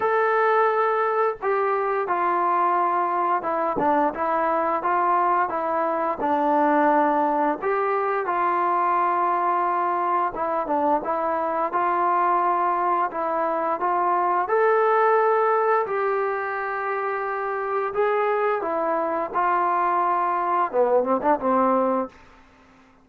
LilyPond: \new Staff \with { instrumentName = "trombone" } { \time 4/4 \tempo 4 = 87 a'2 g'4 f'4~ | f'4 e'8 d'8 e'4 f'4 | e'4 d'2 g'4 | f'2. e'8 d'8 |
e'4 f'2 e'4 | f'4 a'2 g'4~ | g'2 gis'4 e'4 | f'2 b8 c'16 d'16 c'4 | }